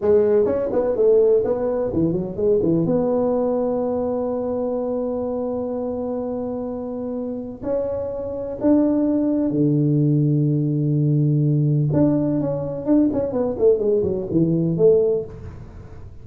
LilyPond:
\new Staff \with { instrumentName = "tuba" } { \time 4/4 \tempo 4 = 126 gis4 cis'8 b8 a4 b4 | e8 fis8 gis8 e8 b2~ | b1~ | b1 |
cis'2 d'2 | d1~ | d4 d'4 cis'4 d'8 cis'8 | b8 a8 gis8 fis8 e4 a4 | }